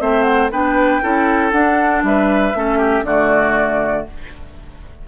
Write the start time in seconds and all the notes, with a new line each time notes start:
0.00 A3 C4 C5 E5
0.23 F#5
0.51 B3 D4 B4 G5
1.02 C#4 E4 A4
1.52 D4 F#5
2.03 G3 B4 E5
2.55 A3 C#4 A4
2.78 G4
3.03 D3 A3 F#4 D5